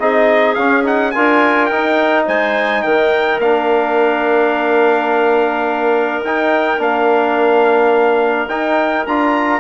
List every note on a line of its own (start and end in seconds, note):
0.00 0.57 C4
0.00 0.57 D#4
0.00 1.14 G#4
0.00 0.55 D#5
0.55 1.15 C#4
0.55 0.84 C#4
0.55 0.83 F5
0.84 1.12 D#4
0.84 1.11 F#5
1.11 1.72 D4
1.11 1.72 F4
1.11 2.26 A#4
1.11 1.66 G#5
1.66 3.42 D#4
1.66 2.28 D#4
1.66 2.23 G5
2.26 2.85 G#3
2.26 2.82 C5
2.26 2.83 G#5
2.83 3.39 D#3
2.83 9.61 A#4
2.83 3.40 G5
3.39 6.22 A#3
3.39 6.25 D4
3.39 6.24 F5
6.24 6.79 D#4
6.24 6.81 G5
6.79 8.48 A#3
6.79 8.49 D4
6.79 8.49 F5
8.48 9.05 D#4
8.48 9.07 D#4
8.48 9.06 G5
9.07 9.61 D4
9.07 9.61 F4
9.07 9.61 A#5